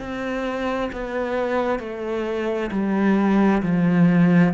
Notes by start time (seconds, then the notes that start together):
0.00 C4
0.93 B3
1.80 A3
2.71 G3
3.63 F3